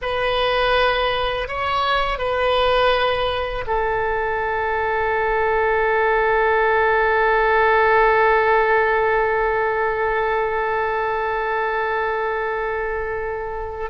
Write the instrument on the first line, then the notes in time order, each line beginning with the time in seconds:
oboe
0.01 B4
1.48 C#5
2.18 B4
3.67 A4